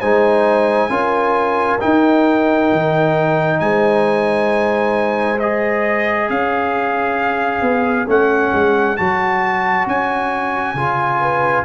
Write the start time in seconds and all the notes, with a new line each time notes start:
0.00 G#3 D#4 C5 G#5
0.89 C#4 F4 A#4
1.80 D#4 G5
2.72 D#3
3.60 G#3 C5 G#5
5.39 G#4 D#5
6.29 C#4 C#5 F5
7.61 B3
8.07 A3 C#4 F#5
8.53 G#3
8.97 F#3 F#4 A5
9.86 C#4 G#5
10.74 C#3 F4
11.20 B4